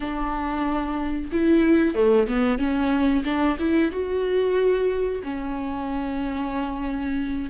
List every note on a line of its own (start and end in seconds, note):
0.00 1.30 D4
1.32 1.94 E4
1.94 2.27 A3
2.27 2.58 B3
2.58 3.23 C#4
3.24 3.57 D4
3.59 3.91 E4
3.91 5.22 F#4
5.23 7.50 C#4